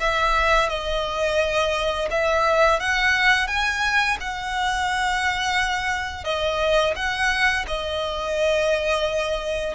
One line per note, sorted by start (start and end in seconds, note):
0.00 0.69 E5
0.69 2.09 D#5
2.11 2.80 E5
2.80 3.48 F#5
3.48 4.17 G#5
4.21 6.24 F#5
6.24 6.94 D#5
6.96 7.66 F#5
7.67 9.75 D#5